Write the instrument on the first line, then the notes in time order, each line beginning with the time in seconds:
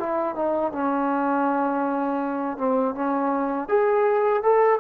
trombone
0.00 E4
0.35 D#4
0.72 C#4
2.58 C4
2.95 C#4
3.69 G#4
4.43 A4